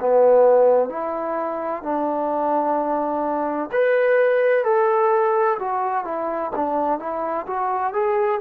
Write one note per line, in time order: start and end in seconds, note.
0.00 0.89 B3
0.89 1.82 E4
1.82 3.70 D4
3.72 4.64 B4
4.64 5.58 A4
5.59 6.04 F#4
6.04 6.51 E4
6.55 6.99 D4
6.99 7.46 E4
7.47 7.93 F#4
7.93 8.40 G#4